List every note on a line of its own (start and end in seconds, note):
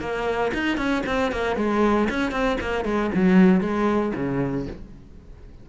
0.00 0.52 A#3
0.54 0.77 D#4
0.77 1.03 C#4
1.06 1.32 C4
1.32 1.56 A#3
1.56 2.08 G#3
2.10 2.31 C#4
2.31 2.57 C4
2.61 2.84 A#3
2.84 3.10 G#3
3.15 3.61 F#3
3.61 4.12 G#3
4.15 4.67 C#3